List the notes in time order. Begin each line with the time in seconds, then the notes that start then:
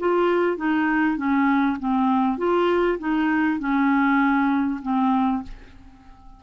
0.00 F4
0.57 D#4
1.17 C#4
1.80 C4
2.38 F4
2.99 D#4
3.60 C#4
4.82 C4